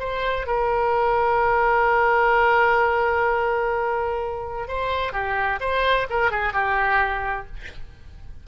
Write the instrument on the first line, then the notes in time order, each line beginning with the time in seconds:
oboe
0.00 C5
0.47 A#4
4.68 C5
5.13 G4
5.61 C5
6.10 A#4
6.32 G#4
6.53 G4